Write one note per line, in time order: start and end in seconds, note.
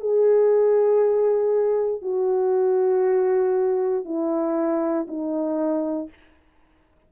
0.00 2.02 G#4
2.02 4.04 F#4
4.04 5.06 E4
5.08 6.09 D#4